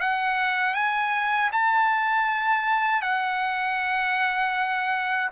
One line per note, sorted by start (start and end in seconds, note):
0.00 0.74 F#5
0.74 1.50 G#5
1.52 3.02 A5
3.02 5.30 F#5